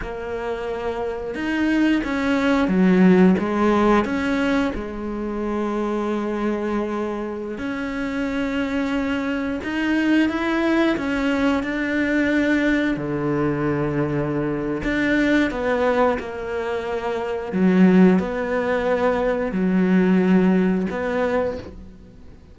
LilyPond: \new Staff \with { instrumentName = "cello" } { \time 4/4 \tempo 4 = 89 ais2 dis'4 cis'4 | fis4 gis4 cis'4 gis4~ | gis2.~ gis16 cis'8.~ | cis'2~ cis'16 dis'4 e'8.~ |
e'16 cis'4 d'2 d8.~ | d2 d'4 b4 | ais2 fis4 b4~ | b4 fis2 b4 | }